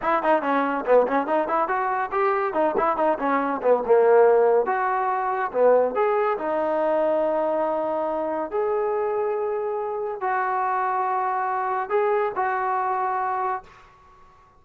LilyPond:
\new Staff \with { instrumentName = "trombone" } { \time 4/4 \tempo 4 = 141 e'8 dis'8 cis'4 b8 cis'8 dis'8 e'8 | fis'4 g'4 dis'8 e'8 dis'8 cis'8~ | cis'8 b8 ais2 fis'4~ | fis'4 b4 gis'4 dis'4~ |
dis'1 | gis'1 | fis'1 | gis'4 fis'2. | }